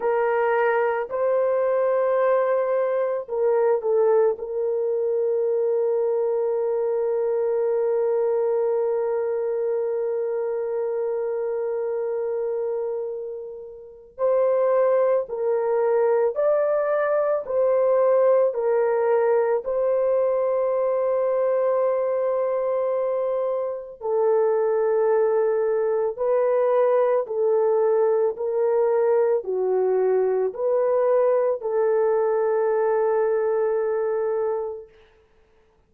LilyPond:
\new Staff \with { instrumentName = "horn" } { \time 4/4 \tempo 4 = 55 ais'4 c''2 ais'8 a'8 | ais'1~ | ais'1~ | ais'4 c''4 ais'4 d''4 |
c''4 ais'4 c''2~ | c''2 a'2 | b'4 a'4 ais'4 fis'4 | b'4 a'2. | }